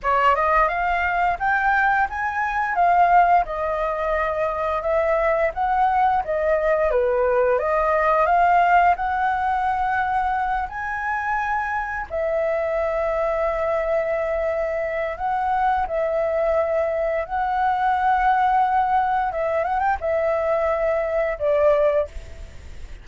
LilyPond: \new Staff \with { instrumentName = "flute" } { \time 4/4 \tempo 4 = 87 cis''8 dis''8 f''4 g''4 gis''4 | f''4 dis''2 e''4 | fis''4 dis''4 b'4 dis''4 | f''4 fis''2~ fis''8 gis''8~ |
gis''4. e''2~ e''8~ | e''2 fis''4 e''4~ | e''4 fis''2. | e''8 fis''16 g''16 e''2 d''4 | }